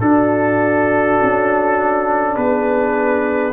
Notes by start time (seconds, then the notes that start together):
0.00 D4 F#4 A4
1.22 C#4
2.36 B3 G#4 B4